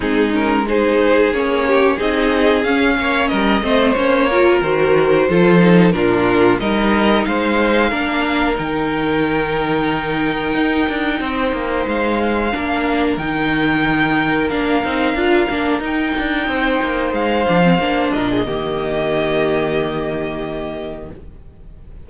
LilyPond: <<
  \new Staff \with { instrumentName = "violin" } { \time 4/4 \tempo 4 = 91 gis'8 ais'8 c''4 cis''4 dis''4 | f''4 dis''4 cis''4 c''4~ | c''4 ais'4 dis''4 f''4~ | f''4 g''2.~ |
g''2 f''2 | g''2 f''2 | g''2 f''4. dis''8~ | dis''1 | }
  \new Staff \with { instrumentName = "violin" } { \time 4/4 dis'4 gis'4. g'8 gis'4~ | gis'8 cis''8 ais'8 c''4 ais'4. | a'4 f'4 ais'4 c''4 | ais'1~ |
ais'4 c''2 ais'4~ | ais'1~ | ais'4 c''2~ c''8 ais'16 gis'16 | g'1 | }
  \new Staff \with { instrumentName = "viola" } { \time 4/4 c'8 cis'8 dis'4 cis'4 dis'4 | cis'4. c'8 cis'8 f'8 fis'4 | f'8 dis'8 d'4 dis'2 | d'4 dis'2.~ |
dis'2. d'4 | dis'2 d'8 dis'8 f'8 d'8 | dis'2~ dis'8 d'16 c'16 d'4 | ais1 | }
  \new Staff \with { instrumentName = "cello" } { \time 4/4 gis2 ais4 c'4 | cis'8 ais8 g8 a8 ais4 dis4 | f4 ais,4 g4 gis4 | ais4 dis2. |
dis'8 d'8 c'8 ais8 gis4 ais4 | dis2 ais8 c'8 d'8 ais8 | dis'8 d'8 c'8 ais8 gis8 f8 ais8 ais,8 | dis1 | }
>>